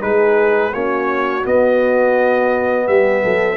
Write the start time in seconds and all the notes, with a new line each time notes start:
0.00 G#3 D#4 G#4 B4
0.73 A#3 C#4 F#4 C#5
1.43 B3 D#5
2.87 G3 G4 E5
3.23 F#3 A4